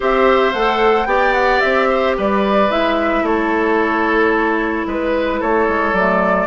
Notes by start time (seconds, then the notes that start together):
0.00 C4 G4 C5 E5
0.53 A3 A4 F#5
1.05 B3 G4 D5 G5
1.33 F#5
1.60 C4 E5
1.88 C5
2.16 G3 B4 D5
2.69 G#3 E4 E5
3.22 A3 A4 C#5
4.86 G#3 B4
5.39 A3 A4 C#5
5.68 G#3
5.92 F#3 A3 D5